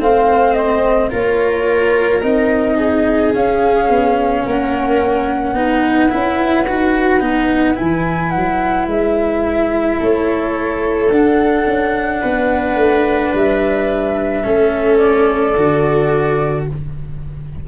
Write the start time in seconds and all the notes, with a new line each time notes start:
0.00 A3 C4 C5 F5
0.54 D#5
1.11 A#3 F4 A#4 C#5
2.22 C4 D#4 D#5
2.76 G#4
3.34 C#4 F5
3.89 B3
4.45 A#3 A#4 F#5
5.54 B3 D#4 B4
6.10 C#4 E4
6.68 D#4 F#4
7.20 B3 D#4
7.75 E4 G#5
7.81 E3
8.31 F#3 F#5
8.87 G#3 E5
9.99 A3 A4 C#5
11.10 D4 F#5
11.66 C#4
12.22 B3 B4
12.76 A3
13.35 G3 E5
14.44 A3 C#4 A4
14.98 D5
15.57 D3 F#4